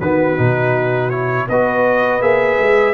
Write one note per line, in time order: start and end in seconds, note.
0.00 0.39 D#3
0.00 0.37 B3
0.00 1.47 F#4
0.00 1.10 B4
0.37 1.49 B2
0.37 1.11 D#4
1.10 1.48 E4
1.10 1.47 C#5
1.47 2.21 B3
1.47 2.21 F#4
1.47 2.94 B4
1.47 2.22 D#5
2.21 2.58 A#3
2.21 2.94 G#4
2.21 2.94 E5
2.59 2.94 G#3